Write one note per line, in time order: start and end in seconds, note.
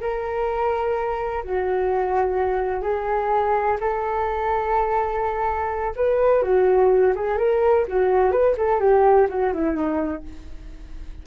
0.00 1.43 A#4
1.43 2.82 F#4
2.82 3.77 G#4
3.80 5.94 A4
5.96 6.42 B4
6.42 7.13 F#4
7.15 7.37 G#4
7.37 7.85 A#4
7.88 8.31 F#4
8.31 8.55 B4
8.57 8.79 A4
8.79 9.27 G4
9.29 9.52 F#4
9.53 9.75 E4
9.75 10.23 D#4